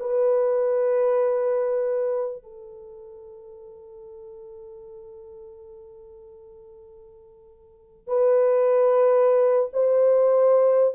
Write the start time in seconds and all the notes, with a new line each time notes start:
0.00 B4
2.43 A4
8.07 B4
9.73 C5